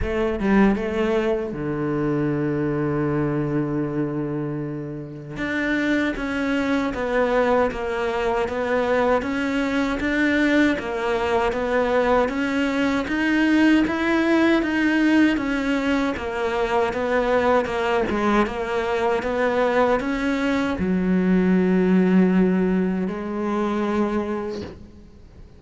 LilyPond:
\new Staff \with { instrumentName = "cello" } { \time 4/4 \tempo 4 = 78 a8 g8 a4 d2~ | d2. d'4 | cis'4 b4 ais4 b4 | cis'4 d'4 ais4 b4 |
cis'4 dis'4 e'4 dis'4 | cis'4 ais4 b4 ais8 gis8 | ais4 b4 cis'4 fis4~ | fis2 gis2 | }